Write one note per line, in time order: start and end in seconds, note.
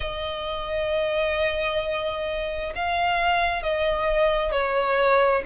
0.00 2.73 D#5
2.75 3.62 F5
3.62 4.51 D#5
4.51 5.42 C#5